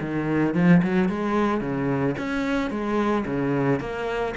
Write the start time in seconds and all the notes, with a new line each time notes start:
0.00 D#3
0.54 F3
0.83 F#3
1.09 G#3
1.61 C#3
2.18 C#4
2.70 G#3
3.25 C#3
3.80 A#3